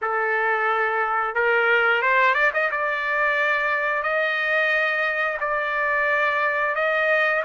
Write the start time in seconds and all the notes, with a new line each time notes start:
0.01 A4
1.34 A#4
2.01 C5
2.34 D5
2.53 D#5
2.71 D5
4.02 D#5
5.40 D5
6.75 D#5